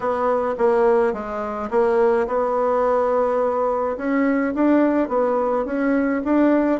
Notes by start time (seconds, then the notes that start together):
0.00 B3
0.57 A#3
1.13 G#3
1.70 A#3
2.27 B3
3.97 C#4
4.54 D4
5.08 B3
5.65 C#4
6.24 D4